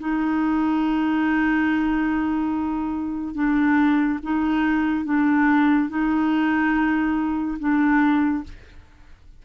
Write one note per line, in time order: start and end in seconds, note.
0.00 3.35 D#4
3.35 4.19 D4
4.23 5.05 D#4
5.05 5.90 D4
5.90 7.59 D#4
7.60 8.44 D4